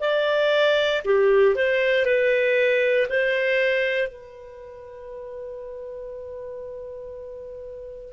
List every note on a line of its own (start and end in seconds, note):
0.00 1.02 D5
1.04 1.55 G4
1.55 2.05 C5
2.05 3.07 B4
3.09 4.08 C5
4.08 8.13 B4